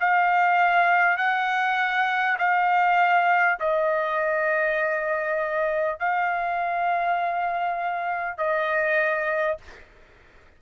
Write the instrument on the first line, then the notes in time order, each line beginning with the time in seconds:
trumpet
0.00 F5
1.17 F#5
2.39 F5
3.60 D#5
5.99 F5
8.38 D#5